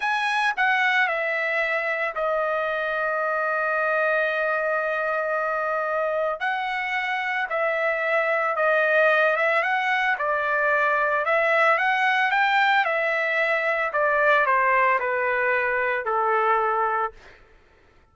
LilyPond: \new Staff \with { instrumentName = "trumpet" } { \time 4/4 \tempo 4 = 112 gis''4 fis''4 e''2 | dis''1~ | dis''1 | fis''2 e''2 |
dis''4. e''8 fis''4 d''4~ | d''4 e''4 fis''4 g''4 | e''2 d''4 c''4 | b'2 a'2 | }